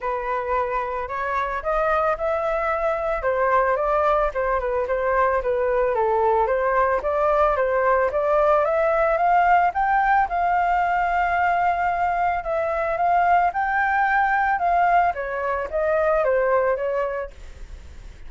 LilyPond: \new Staff \with { instrumentName = "flute" } { \time 4/4 \tempo 4 = 111 b'2 cis''4 dis''4 | e''2 c''4 d''4 | c''8 b'8 c''4 b'4 a'4 | c''4 d''4 c''4 d''4 |
e''4 f''4 g''4 f''4~ | f''2. e''4 | f''4 g''2 f''4 | cis''4 dis''4 c''4 cis''4 | }